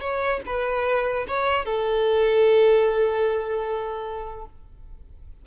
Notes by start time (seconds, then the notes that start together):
0.00 C#5
0.46 B4
1.27 C#5
1.65 A4